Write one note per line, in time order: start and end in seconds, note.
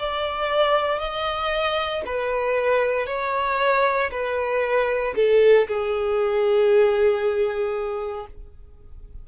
0.00 0.99 D5
0.99 2.03 D#5
2.06 3.07 B4
3.07 4.11 C#5
4.11 5.15 B4
5.16 5.68 A4
5.68 8.27 G#4